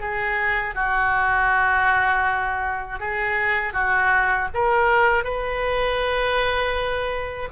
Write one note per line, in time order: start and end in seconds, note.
0.00 0.75 G#4
0.75 2.99 F#4
2.99 3.73 G#4
3.73 4.48 F#4
4.54 5.24 A#4
5.24 7.49 B4